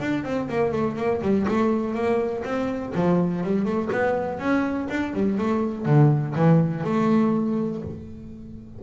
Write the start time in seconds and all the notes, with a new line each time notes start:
0.00 D4
0.24 C4
0.49 A#3
0.72 A3
0.96 A#3
1.22 G3
1.48 A3
1.94 A#3
2.45 C4
2.95 F3
3.44 G3
3.65 A3
3.92 B3
4.39 C#4
4.90 D4
5.14 G3
5.38 A3
5.86 D3
6.35 E3
6.84 A3